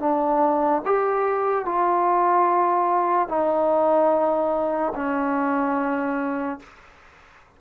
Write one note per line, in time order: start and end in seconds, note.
0.00 0.82 D4
0.86 1.66 G4
1.66 3.29 F4
3.29 4.94 D#4
4.96 6.60 C#4